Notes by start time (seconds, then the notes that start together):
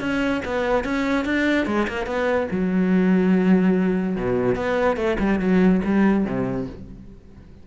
0.00 C#4
0.45 B3
0.84 C#4
1.25 D4
1.66 G#3
1.88 A#3
2.06 B3
2.51 F#3
4.16 B2
4.55 B3
4.96 A3
5.19 G3
5.39 F#3
5.84 G3
6.25 C3